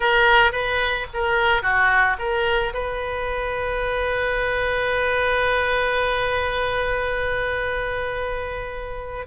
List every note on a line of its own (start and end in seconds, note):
0.00 0.52 A#4
0.52 1.06 B4
1.13 1.62 A#4
1.62 2.17 F#4
2.18 2.73 A#4
2.73 9.26 B4